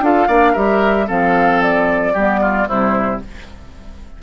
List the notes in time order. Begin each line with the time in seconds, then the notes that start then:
0.00 D4 F4 A4 F5
0.27 A#3 D4 D5
0.52 G3 G4 A#4 E5
1.07 F3 C4 A4 F5
1.62 D5
2.13 G3 B3 G4
2.41 F4
2.67 C3 G3 E4 C5